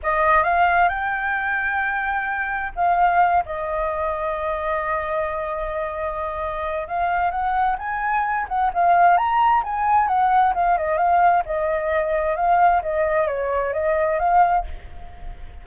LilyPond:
\new Staff \with { instrumentName = "flute" } { \time 4/4 \tempo 4 = 131 dis''4 f''4 g''2~ | g''2 f''4. dis''8~ | dis''1~ | dis''2. f''4 |
fis''4 gis''4. fis''8 f''4 | ais''4 gis''4 fis''4 f''8 dis''8 | f''4 dis''2 f''4 | dis''4 cis''4 dis''4 f''4 | }